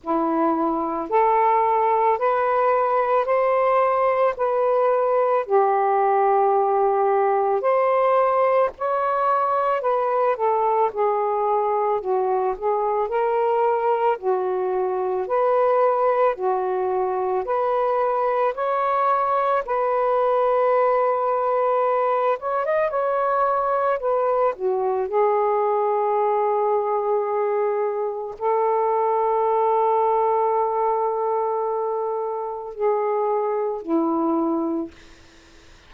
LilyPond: \new Staff \with { instrumentName = "saxophone" } { \time 4/4 \tempo 4 = 55 e'4 a'4 b'4 c''4 | b'4 g'2 c''4 | cis''4 b'8 a'8 gis'4 fis'8 gis'8 | ais'4 fis'4 b'4 fis'4 |
b'4 cis''4 b'2~ | b'8 cis''16 dis''16 cis''4 b'8 fis'8 gis'4~ | gis'2 a'2~ | a'2 gis'4 e'4 | }